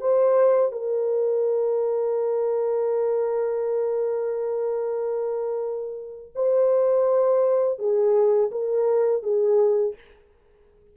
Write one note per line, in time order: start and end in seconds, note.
0.00 0.72 C5
0.72 6.32 A#4
6.35 7.78 C5
7.78 8.51 G#4
8.51 9.22 A#4
9.22 9.95 G#4